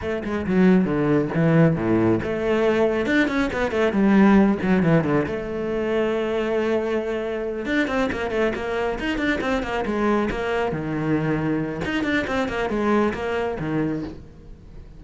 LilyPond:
\new Staff \with { instrumentName = "cello" } { \time 4/4 \tempo 4 = 137 a8 gis8 fis4 d4 e4 | a,4 a2 d'8 cis'8 | b8 a8 g4. fis8 e8 d8 | a1~ |
a4. d'8 c'8 ais8 a8 ais8~ | ais8 dis'8 d'8 c'8 ais8 gis4 ais8~ | ais8 dis2~ dis8 dis'8 d'8 | c'8 ais8 gis4 ais4 dis4 | }